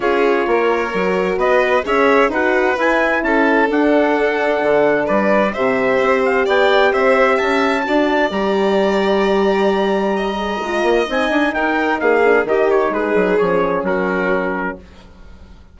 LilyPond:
<<
  \new Staff \with { instrumentName = "trumpet" } { \time 4/4 \tempo 4 = 130 cis''2. dis''4 | e''4 fis''4 gis''4 a''4 | fis''2. d''4 | e''4. f''8 g''4 e''4 |
a''2 ais''2~ | ais''1 | gis''4 g''4 f''4 dis''8 cis''8 | b'4 cis''4 ais'2 | }
  \new Staff \with { instrumentName = "violin" } { \time 4/4 gis'4 ais'2 b'4 | cis''4 b'2 a'4~ | a'2. b'4 | c''2 d''4 c''4 |
e''4 d''2.~ | d''2 dis''2~ | dis''4 ais'4 gis'4 g'4 | gis'2 fis'2 | }
  \new Staff \with { instrumentName = "horn" } { \time 4/4 f'2 fis'2 | gis'4 fis'4 e'2 | d'1 | g'1~ |
g'4 fis'4 g'2~ | g'2~ g'8 gis'8 f'4 | dis'2~ dis'8 d'8 dis'4~ | dis'4 cis'2. | }
  \new Staff \with { instrumentName = "bassoon" } { \time 4/4 cis'4 ais4 fis4 b4 | cis'4 dis'4 e'4 cis'4 | d'2 d4 g4 | c4 c'4 b4 c'4 |
cis'4 d'4 g2~ | g2. gis8 ais8 | c'8 d'8 dis'4 ais4 dis4 | gis8 fis8 f4 fis2 | }
>>